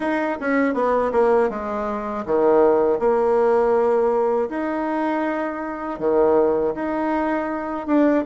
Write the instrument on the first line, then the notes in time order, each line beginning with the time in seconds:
bassoon
0.00 D#4
0.40 C#4
0.74 B3
1.12 A#3
1.49 G#3
2.25 D#3
2.99 A#3
4.49 D#4
5.99 D#3
6.74 D#4
7.86 D4